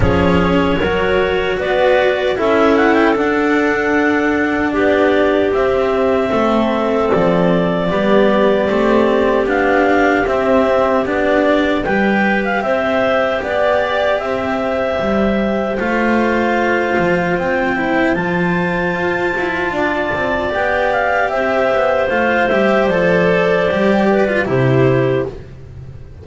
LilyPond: <<
  \new Staff \with { instrumentName = "clarinet" } { \time 4/4 \tempo 4 = 76 cis''2 d''4 e''8 fis''16 g''16 | fis''2 d''4 e''4~ | e''4 d''2. | f''4 e''4 d''4 g''8. f''16 |
e''4 d''4 e''2 | f''2 g''4 a''4~ | a''2 g''8 f''8 e''4 | f''8 e''8 d''2 c''4 | }
  \new Staff \with { instrumentName = "clarinet" } { \time 4/4 gis'4 ais'4 b'4 a'4~ | a'2 g'2 | a'2 g'2~ | g'2. b'4 |
c''4 d''4 c''2~ | c''1~ | c''4 d''2 c''4~ | c''2~ c''8 b'8 g'4 | }
  \new Staff \with { instrumentName = "cello" } { \time 4/4 cis'4 fis'2 e'4 | d'2. c'4~ | c'2 b4 c'4 | d'4 c'4 d'4 g'4~ |
g'1 | f'2~ f'8 e'8 f'4~ | f'2 g'2 | f'8 g'8 a'4 g'8. f'16 e'4 | }
  \new Staff \with { instrumentName = "double bass" } { \time 4/4 f4 fis4 b4 cis'4 | d'2 b4 c'4 | a4 f4 g4 a4 | b4 c'4 b4 g4 |
c'4 b4 c'4 g4 | a4. f8 c'4 f4 | f'8 e'8 d'8 c'8 b4 c'8 b8 | a8 g8 f4 g4 c4 | }
>>